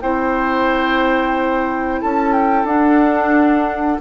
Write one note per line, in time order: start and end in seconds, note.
0.00 2.01 C4
0.00 2.67 E4
0.00 2.01 C5
0.00 2.01 G5
2.01 2.64 C#4
2.01 4.01 A4
2.01 2.32 A5
2.32 2.66 G5
2.64 3.97 D4
2.64 4.00 D4
2.64 4.00 F#5